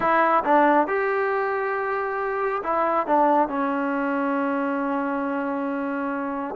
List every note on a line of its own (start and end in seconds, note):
0.00 0.43 E4
0.44 0.87 D4
0.87 2.62 G4
2.63 3.07 E4
3.07 3.48 D4
3.48 6.55 C#4